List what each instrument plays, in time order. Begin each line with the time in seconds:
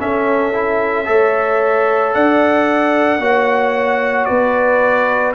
0.00 trombone C#4, tuba C#4, horn A4, trumpet E5
0.53 trombone E4
1.05 tuba A3, trombone A4, horn C#5
2.15 tuba D4, horn D5, trumpet F#5
3.19 tuba A#3, trombone F#4, horn C#5
4.26 tuba B3, horn B4, trumpet D5